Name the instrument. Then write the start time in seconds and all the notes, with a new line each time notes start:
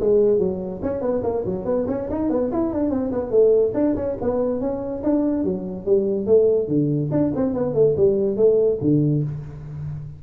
tuba
0.00 G#3
0.39 F#3
0.82 C#4
1.01 B3
1.23 A#3
1.45 F#3
1.65 B3
1.88 C#4
2.10 D#4
2.30 B3
2.52 E4
2.73 D4
2.90 C4
3.12 B3
3.31 A3
3.74 D4
3.96 C#4
4.21 B3
4.60 C#4
5.03 D4
5.44 F#3
5.86 G3
6.26 A3
6.68 D3
7.11 D4
7.36 C4
7.53 B3
7.74 A3
7.97 G3
8.36 A3
8.81 D3